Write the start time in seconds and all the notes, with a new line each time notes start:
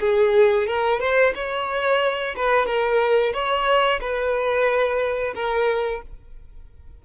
0.00 G#4
0.67 A#4
1.00 C5
1.35 C#5
2.35 B4
2.66 A#4
3.33 C#5
4.00 B4
5.35 A#4